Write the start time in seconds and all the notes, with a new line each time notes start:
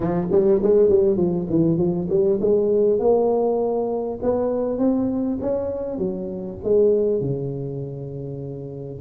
0.00 F3
0.31 G3
0.62 G#3
0.89 G3
1.16 F3
1.49 E3
1.77 F3
2.09 G3
2.40 G#3
2.99 A#3
4.22 B3
4.78 C4
5.41 C#4
5.98 F#3
6.63 G#3
7.20 C#3